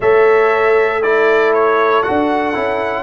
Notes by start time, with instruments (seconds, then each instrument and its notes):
0.00 tuba A3, trombone A4, horn C#5, trumpet E5
1.02 trombone E4, horn A4, trumpet D5
1.53 trumpet C#5
2.03 tuba D4, trombone F#4, trumpet F#5
2.54 tuba C#4, trombone E4